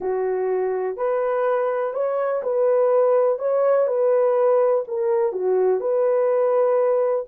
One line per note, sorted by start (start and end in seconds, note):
0.00 0.97 F#4
0.97 1.93 B4
1.93 2.42 C#5
2.42 3.38 B4
3.38 3.87 C#5
3.87 4.84 B4
4.87 5.32 A#4
5.32 5.80 F#4
5.80 7.25 B4